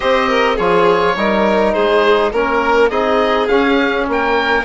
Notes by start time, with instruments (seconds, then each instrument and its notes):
0.00 bassoon C4, trombone G4, violin C5, oboe D#5
0.28 violin A#4
0.55 bassoon F3, trombone F4, violin G#4, oboe C#5
1.16 bassoon G3, trombone D#4, violin A#4
1.72 bassoon G#3, violin G#4, oboe C5
2.32 bassoon A#3, trombone C#4, violin A#4, oboe A#4
2.89 bassoon C4, trombone D#4, violin G#4, oboe D#5
3.47 bassoon C#4, trombone C#4, oboe F5
4.07 bassoon A#3, violin A#4, oboe G5